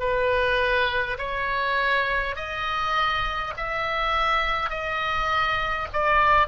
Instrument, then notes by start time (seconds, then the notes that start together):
oboe
0.00 B4
1.19 C#5
2.36 D#5
3.57 E5
4.70 D#5
5.93 D5